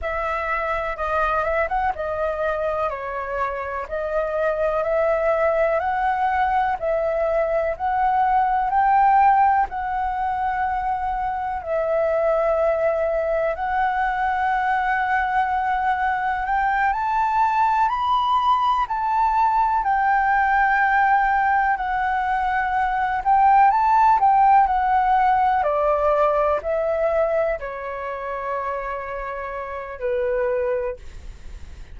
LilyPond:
\new Staff \with { instrumentName = "flute" } { \time 4/4 \tempo 4 = 62 e''4 dis''8 e''16 fis''16 dis''4 cis''4 | dis''4 e''4 fis''4 e''4 | fis''4 g''4 fis''2 | e''2 fis''2~ |
fis''4 g''8 a''4 b''4 a''8~ | a''8 g''2 fis''4. | g''8 a''8 g''8 fis''4 d''4 e''8~ | e''8 cis''2~ cis''8 b'4 | }